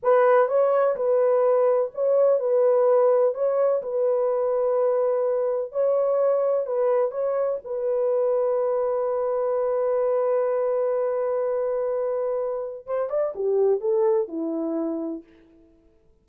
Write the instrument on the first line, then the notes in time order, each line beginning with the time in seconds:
horn
0.03 B4
0.48 C#5
0.95 B4
1.94 C#5
2.39 B4
3.34 C#5
3.82 B4
5.71 C#5
6.66 B4
7.11 C#5
7.64 B4
12.86 C5
13.09 D5
13.35 G4
13.80 A4
14.28 E4